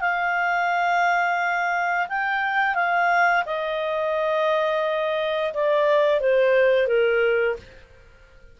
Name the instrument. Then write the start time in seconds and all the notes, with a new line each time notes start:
clarinet
0.00 F5
2.08 G5
2.74 F5
3.45 D#5
5.53 D5
6.20 C5
6.87 A#4